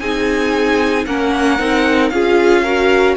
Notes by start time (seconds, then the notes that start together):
0.00 C4 D#4 G#4 G#5
1.07 A#3 C#4 A#4 F#5
1.59 C4 D#4
2.10 C#4 F4 G#4 F5
2.64 F#4 A#4